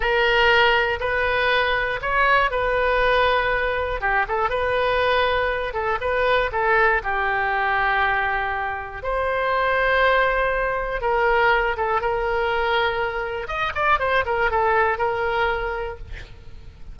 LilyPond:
\new Staff \with { instrumentName = "oboe" } { \time 4/4 \tempo 4 = 120 ais'2 b'2 | cis''4 b'2. | g'8 a'8 b'2~ b'8 a'8 | b'4 a'4 g'2~ |
g'2 c''2~ | c''2 ais'4. a'8 | ais'2. dis''8 d''8 | c''8 ais'8 a'4 ais'2 | }